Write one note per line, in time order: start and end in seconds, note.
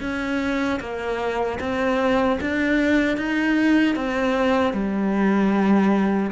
0.00 0.79 C#4
0.79 1.58 A#3
1.59 2.38 C4
2.40 3.17 D4
3.17 3.95 D#4
3.95 4.73 C4
4.73 6.31 G3